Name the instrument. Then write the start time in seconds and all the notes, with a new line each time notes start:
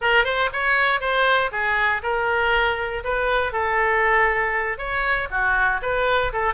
oboe
0.01 A#4
0.24 C5
0.52 C#5
1.00 C5
1.51 G#4
2.02 A#4
3.04 B4
3.52 A4
4.78 C#5
5.30 F#4
5.82 B4
6.33 A4